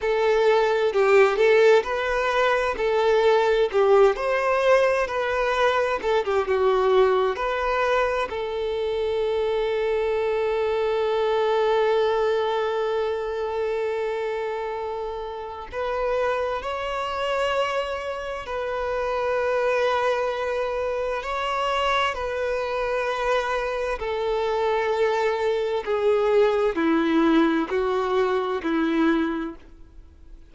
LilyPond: \new Staff \with { instrumentName = "violin" } { \time 4/4 \tempo 4 = 65 a'4 g'8 a'8 b'4 a'4 | g'8 c''4 b'4 a'16 g'16 fis'4 | b'4 a'2.~ | a'1~ |
a'4 b'4 cis''2 | b'2. cis''4 | b'2 a'2 | gis'4 e'4 fis'4 e'4 | }